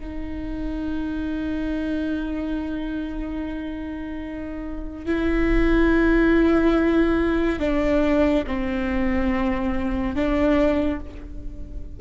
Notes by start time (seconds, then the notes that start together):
0.00 D#4
5.06 E4
7.59 D4
8.47 C4
10.15 D4